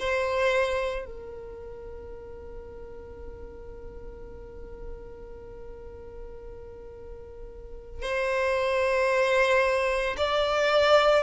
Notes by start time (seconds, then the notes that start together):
0.00 C5
1.06 A#4
8.03 C5
10.17 D5